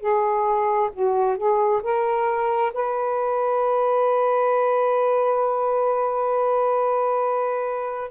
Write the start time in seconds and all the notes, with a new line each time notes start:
0.00 G#4
0.93 F#4
1.37 G#4
1.82 A#4
2.73 B4